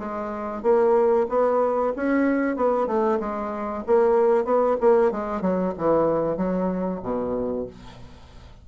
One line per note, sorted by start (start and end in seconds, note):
0.00 0.63 G#3
0.63 1.27 A#3
1.29 1.93 B3
1.96 2.57 C#4
2.57 2.87 B3
2.87 3.19 A3
3.20 3.84 G#3
3.87 4.45 A#3
4.45 4.77 B3
4.81 5.12 A#3
5.12 5.42 G#3
5.42 5.74 F#3
5.78 6.37 E3
6.37 7.01 F#3
7.03 7.67 B2